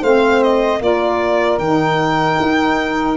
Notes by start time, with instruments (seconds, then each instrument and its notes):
0.00 tuba A3, saxophone C4 C5, violin F5
0.42 violin D#5
0.79 tuba A#3, saxophone F4 A#4, violin D5
1.58 tuba D#3, saxophone D#4, violin G5
2.40 tuba D#4